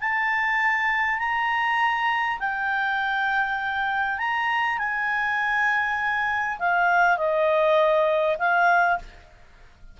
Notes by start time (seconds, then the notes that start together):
0.00 A5
1.18 A#5
2.39 G5
4.18 A#5
4.78 G#5
6.59 F5
7.17 D#5
8.39 F5